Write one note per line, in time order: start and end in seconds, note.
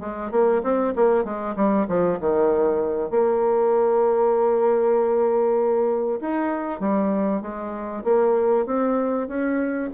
0.00 0.31 G#3
0.31 0.62 A#3
0.63 0.94 C4
0.96 1.24 A#3
1.24 1.55 G#3
1.56 1.87 G3
1.88 2.19 F3
2.20 3.10 D#3
3.10 6.20 A#3
6.21 6.80 D#4
6.80 7.42 G3
7.42 8.04 G#3
8.04 8.66 A#3
8.66 9.28 C4
9.28 9.90 C#4